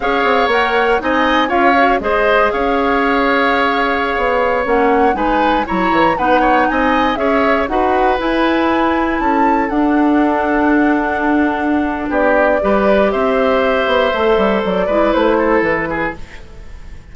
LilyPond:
<<
  \new Staff \with { instrumentName = "flute" } { \time 4/4 \tempo 4 = 119 f''4 fis''4 gis''4 f''4 | dis''4 f''2.~ | f''4~ f''16 fis''4 gis''4 ais''8.~ | ais''16 fis''4 gis''4 e''4 fis''8.~ |
fis''16 gis''2 a''4 fis''8.~ | fis''1 | d''2 e''2~ | e''4 d''4 c''4 b'4 | }
  \new Staff \with { instrumentName = "oboe" } { \time 4/4 cis''2 dis''4 cis''4 | c''4 cis''2.~ | cis''2~ cis''16 b'4 cis''8.~ | cis''16 b'8 cis''8 dis''4 cis''4 b'8.~ |
b'2~ b'16 a'4.~ a'16~ | a'1 | g'4 b'4 c''2~ | c''4. b'4 a'4 gis'8 | }
  \new Staff \with { instrumentName = "clarinet" } { \time 4/4 gis'4 ais'4 dis'4 f'8 fis'8 | gis'1~ | gis'4~ gis'16 cis'4 dis'4 e'8.~ | e'16 dis'2 gis'4 fis'8.~ |
fis'16 e'2. d'8.~ | d'1~ | d'4 g'2. | a'4. e'2~ e'8 | }
  \new Staff \with { instrumentName = "bassoon" } { \time 4/4 cis'8 c'8 ais4 c'4 cis'4 | gis4 cis'2.~ | cis'16 b4 ais4 gis4 fis8 e16~ | e16 b4 c'4 cis'4 dis'8.~ |
dis'16 e'2 cis'4 d'8.~ | d'1 | b4 g4 c'4. b8 | a8 g8 fis8 gis8 a4 e4 | }
>>